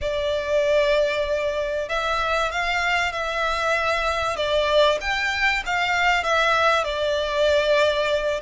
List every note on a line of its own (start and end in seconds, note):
0.01 1.88 D5
1.89 2.51 E5
2.51 3.12 F5
3.12 4.36 E5
4.36 4.98 D5
5.00 5.63 G5
5.66 6.23 F5
6.23 6.84 E5
6.84 8.40 D5